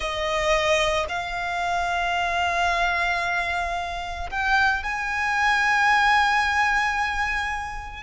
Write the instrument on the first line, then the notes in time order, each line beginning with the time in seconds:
violin
0.00 D#5
1.08 F5
4.30 G5
4.83 G#5